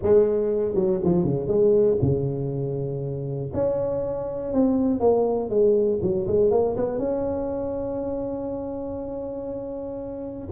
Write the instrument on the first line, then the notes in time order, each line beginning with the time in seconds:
tuba
0.02 G#3
0.75 F#3
1.04 F3
1.24 C#3
1.47 G#3
2.01 C#3
3.53 C#4
4.53 C4
5.00 A#3
5.49 G#3
6.02 F#3
6.27 G#3
6.50 A#3
6.76 B3
6.98 C#4